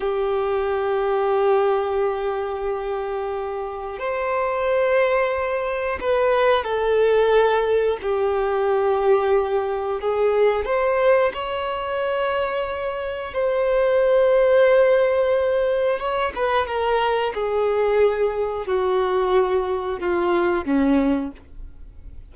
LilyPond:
\new Staff \with { instrumentName = "violin" } { \time 4/4 \tempo 4 = 90 g'1~ | g'2 c''2~ | c''4 b'4 a'2 | g'2. gis'4 |
c''4 cis''2. | c''1 | cis''8 b'8 ais'4 gis'2 | fis'2 f'4 cis'4 | }